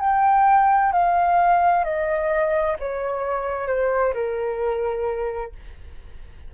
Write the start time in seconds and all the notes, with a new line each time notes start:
0.00 G5
0.92 F5
1.85 D#5
2.79 C#5
3.68 C5
4.14 A#4